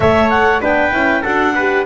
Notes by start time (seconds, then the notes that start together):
0.00 A3 A4 C#5 E5
0.30 F#5
0.60 B3 D4 B4 G5
0.91 C#4 E4
1.21 D4 F#4 A4 F#5
1.55 G4 B4